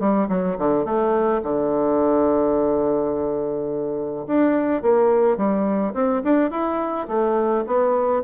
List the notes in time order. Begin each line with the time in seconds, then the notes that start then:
0.00 G3
0.29 F#3
0.58 D3
0.85 A3
1.43 D3
4.27 D4
4.82 A#3
5.37 G3
5.94 C4
6.24 D4
6.51 E4
7.08 A3
7.67 B3